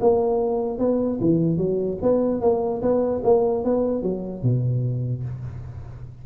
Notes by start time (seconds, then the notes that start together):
0.00 A#3
0.79 B3
1.21 E3
1.57 F#3
2.02 B3
2.41 A#3
2.82 B3
3.24 A#3
3.64 B3
4.02 F#3
4.42 B2